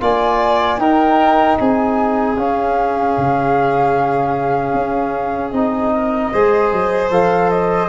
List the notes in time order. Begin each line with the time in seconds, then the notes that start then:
0.00 A#3 F4 D5 G#5
0.77 D#4 A#4 G5
1.59 C4 G#4 G#5
2.37 C#4 F5
3.17 C#3
4.73 C#4
5.50 C4 D#4 D#5
5.93 A#4
6.32 G#3 G#4 C5
6.72 F#3
7.10 F3 A4 F5
7.50 D#5